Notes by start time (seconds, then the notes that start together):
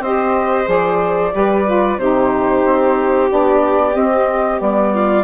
0.00 C4 G4 C5 D#5
0.65 F3 G#4 D5
1.32 G3 G4 B4
1.65 F4
1.98 C3 D#4 G4 C5
2.65 C4
3.30 B3 D4 D5
3.92 C4 D#5
4.57 G3 B3 D5
4.94 F4